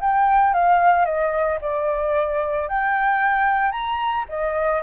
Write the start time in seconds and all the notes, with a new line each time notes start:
0.00 G5
0.53 F5
1.05 D#5
1.61 D5
2.68 G5
3.71 A#5
4.28 D#5